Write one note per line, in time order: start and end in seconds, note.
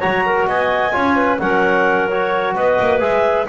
0.00 0.47 F#3
0.00 0.92 F#4
0.00 0.24 C#5
0.00 0.46 A#5
0.26 0.48 A#4
0.47 0.94 B3
0.47 0.94 D#5
0.47 1.40 G#5
0.92 1.40 C#4
0.92 1.38 F4
0.92 1.17 C#5
1.17 1.40 B4
1.40 2.55 F#3
1.40 2.11 C#4
1.40 2.55 A#4
1.40 2.09 F#5
2.09 3.00 F#4
2.09 2.55 C#5
2.55 2.79 B3
2.55 3.47 B4
2.55 3.01 D#5
2.80 3.02 A#3
3.00 3.48 G#3
3.00 3.46 G#4
3.00 3.47 E5